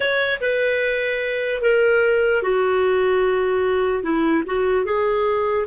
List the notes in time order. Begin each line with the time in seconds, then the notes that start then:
0.00 C#5
0.41 B4
1.61 A#4
2.43 F#4
4.03 E4
4.46 F#4
4.85 G#4